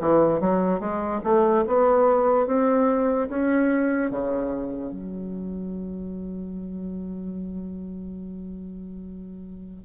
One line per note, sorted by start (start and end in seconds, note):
0.00 0.40 E3
0.40 0.80 F#3
0.80 1.21 G#3
1.24 1.65 A3
1.67 2.46 B3
2.46 3.28 C4
3.29 4.11 C#4
4.11 4.92 C#3
4.92 9.84 F#3